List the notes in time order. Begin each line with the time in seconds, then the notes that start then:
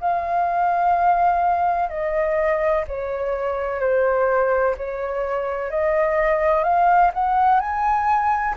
0.00 F5
1.89 D#5
2.87 C#5
3.80 C5
4.77 C#5
5.70 D#5
6.64 F5
7.13 F#5
7.60 G#5